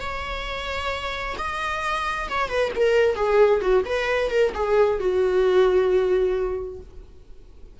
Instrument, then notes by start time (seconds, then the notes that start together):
viola
0.00 C#5
1.38 D#5
2.29 C#5
2.48 B4
2.75 A#4
3.15 G#4
3.61 F#4
3.85 B4
4.30 A#4
4.54 G#4
4.99 F#4